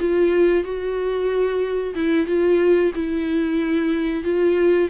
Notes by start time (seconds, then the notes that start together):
0.00 F4
0.64 F#4
1.95 E4
2.27 F4
2.95 E4
4.24 F4